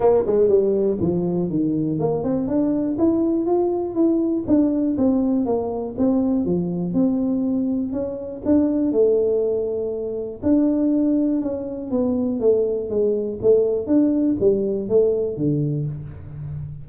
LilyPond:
\new Staff \with { instrumentName = "tuba" } { \time 4/4 \tempo 4 = 121 ais8 gis8 g4 f4 dis4 | ais8 c'8 d'4 e'4 f'4 | e'4 d'4 c'4 ais4 | c'4 f4 c'2 |
cis'4 d'4 a2~ | a4 d'2 cis'4 | b4 a4 gis4 a4 | d'4 g4 a4 d4 | }